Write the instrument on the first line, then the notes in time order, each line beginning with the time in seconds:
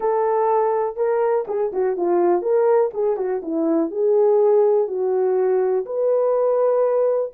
horn
0.00 A4
0.96 A#4
1.47 G#4
1.72 F#4
1.96 F4
2.42 A#4
2.93 G#4
3.16 F#4
3.42 E4
3.90 G#4
4.87 F#4
5.85 B4